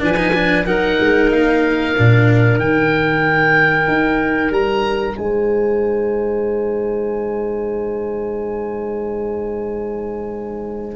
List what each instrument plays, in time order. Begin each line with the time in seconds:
0.00 tuba F3, cello D4, clarinet B4, oboe G#5
0.17 cello D#4
0.34 cello D4
0.66 tuba F#3, cello D#4, clarinet A#4, oboe F#5
1.00 tuba G#3
1.32 tuba A#3, oboe F5
1.97 tuba A#2, cello D4
2.59 tuba D#3, cello D#4, oboe G5
3.88 tuba D#4
4.50 tuba G3, oboe A#5
5.17 tuba G#3, clarinet C5, oboe G#5